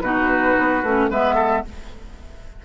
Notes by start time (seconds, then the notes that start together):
0.00 B2 D#4 F#4 B4
0.58 B3
0.83 A3 C#4
1.10 G#3 B3 B4 E5
1.35 A4